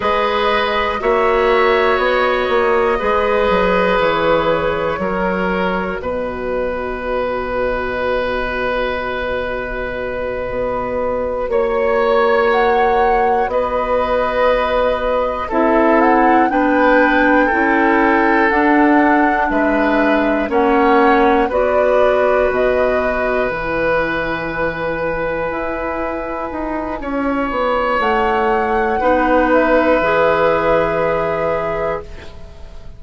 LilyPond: <<
  \new Staff \with { instrumentName = "flute" } { \time 4/4 \tempo 4 = 60 dis''4 e''4 dis''2 | cis''2 dis''2~ | dis''2.~ dis''8 cis''8~ | cis''8 fis''4 dis''2 e''8 |
fis''8 g''2 fis''4 e''8~ | e''8 fis''4 d''4 dis''4 gis''8~ | gis''1 | fis''4. e''2~ e''8 | }
  \new Staff \with { instrumentName = "oboe" } { \time 4/4 b'4 cis''2 b'4~ | b'4 ais'4 b'2~ | b'2.~ b'8 cis''8~ | cis''4. b'2 a'8~ |
a'8 b'4 a'2 b'8~ | b'8 cis''4 b'2~ b'8~ | b'2. cis''4~ | cis''4 b'2. | }
  \new Staff \with { instrumentName = "clarinet" } { \time 4/4 gis'4 fis'2 gis'4~ | gis'4 fis'2.~ | fis'1~ | fis'2.~ fis'8 e'8~ |
e'8 d'4 e'4 d'4.~ | d'8 cis'4 fis'2 e'8~ | e'1~ | e'4 dis'4 gis'2 | }
  \new Staff \with { instrumentName = "bassoon" } { \time 4/4 gis4 ais4 b8 ais8 gis8 fis8 | e4 fis4 b,2~ | b,2~ b,8 b4 ais8~ | ais4. b2 c'8~ |
c'8 b4 cis'4 d'4 gis8~ | gis8 ais4 b4 b,4 e8~ | e4. e'4 dis'8 cis'8 b8 | a4 b4 e2 | }
>>